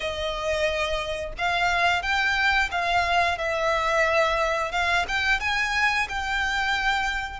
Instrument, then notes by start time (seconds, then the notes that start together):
violin
0.00 D#5
1.38 F5
2.02 G5
2.71 F5
3.38 E5
4.71 F5
5.07 G5
5.40 G#5
6.09 G5